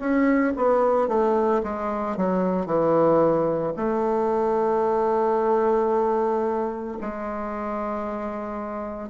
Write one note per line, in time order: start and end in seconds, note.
0.00 0.54 C#4
0.56 1.09 B3
1.09 1.62 A3
1.64 2.17 G#3
2.17 2.66 F#3
2.66 3.74 E3
3.77 6.98 A3
7.01 9.10 G#3